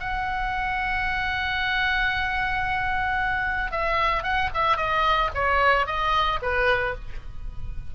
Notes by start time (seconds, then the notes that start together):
0.00 F#5
3.72 E5
4.23 F#5
4.54 E5
4.77 D#5
5.35 C#5
5.86 D#5
6.42 B4